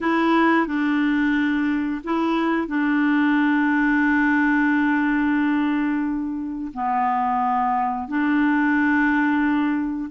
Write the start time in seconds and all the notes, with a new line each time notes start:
0.00 E4
0.66 D4
2.04 E4
2.67 D4
6.73 B3
8.08 D4